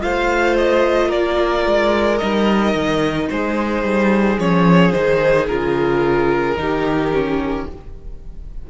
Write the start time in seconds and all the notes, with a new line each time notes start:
0.00 A3 F4 C5 F5
0.57 D#5
1.08 A#3 A#4 D5
1.66 G#3
2.18 G3 D#4 D#5
2.74 D#3
3.30 G#3 G#4 C5
3.83 G3
4.39 F3 C#4 C#5
4.91 D#3 D#4 C5
5.47 C#3 F4 A#4
6.56 D#3 D#4 G4
7.12 C#4